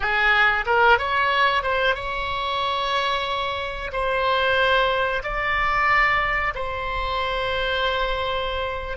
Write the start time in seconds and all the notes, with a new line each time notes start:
0.00 G#4
0.66 A#4
0.98 C#5
1.62 C5
1.95 C#5
3.92 C5
5.23 D5
6.54 C5